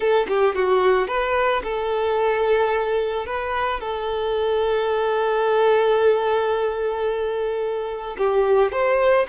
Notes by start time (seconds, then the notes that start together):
0.00 A4
0.28 G4
0.55 F#4
1.07 B4
1.63 A4
3.26 B4
3.80 A4
8.17 G4
8.71 C5